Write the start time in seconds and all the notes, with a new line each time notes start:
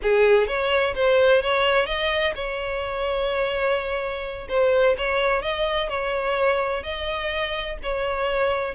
0.02 G#4
0.47 C#5
0.95 C5
1.42 C#5
1.86 D#5
2.35 C#5
4.48 C5
4.97 C#5
5.41 D#5
5.89 C#5
6.83 D#5
7.82 C#5